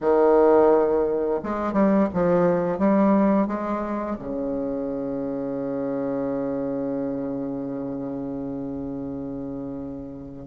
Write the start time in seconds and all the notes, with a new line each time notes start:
0.00 D#3
1.43 G#3
1.73 G3
2.13 F3
2.78 G3
3.47 G#3
4.19 C#3